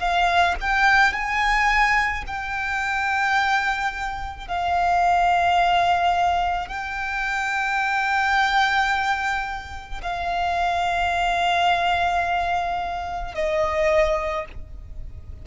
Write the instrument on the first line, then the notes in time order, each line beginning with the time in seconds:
violin
0.00 F5
0.61 G5
1.14 G#5
2.28 G5
4.48 F5
6.69 G5
10.03 F5
13.35 D#5